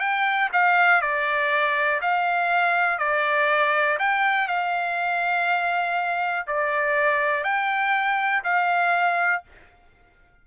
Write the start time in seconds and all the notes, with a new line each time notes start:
0.00 G5
0.53 F5
1.01 D5
2.02 F5
2.99 D5
3.99 G5
4.48 F5
6.47 D5
7.44 G5
8.44 F5